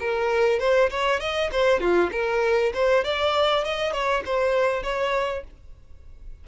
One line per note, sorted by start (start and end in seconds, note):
0.00 0.60 A#4
0.60 0.90 C5
0.90 1.20 C#5
1.20 1.50 D#5
1.52 1.80 C5
1.80 2.10 F4
2.12 2.73 A#4
2.74 3.04 C5
3.04 3.65 D5
3.65 3.93 D#5
3.93 4.23 C#5
4.25 4.83 C5
4.83 5.44 C#5